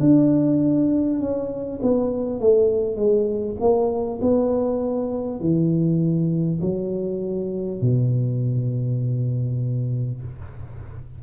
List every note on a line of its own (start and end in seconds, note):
0.00 1.20 D4
1.21 1.81 C#4
1.82 2.41 B3
2.41 2.96 A3
2.96 3.56 G#3
3.60 4.20 A#3
4.22 5.41 B3
5.41 6.61 E3
6.62 7.82 F#3
7.82 10.22 B2